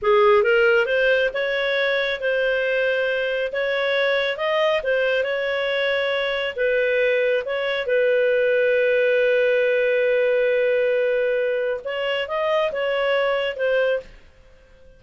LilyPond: \new Staff \with { instrumentName = "clarinet" } { \time 4/4 \tempo 4 = 137 gis'4 ais'4 c''4 cis''4~ | cis''4 c''2. | cis''2 dis''4 c''4 | cis''2. b'4~ |
b'4 cis''4 b'2~ | b'1~ | b'2. cis''4 | dis''4 cis''2 c''4 | }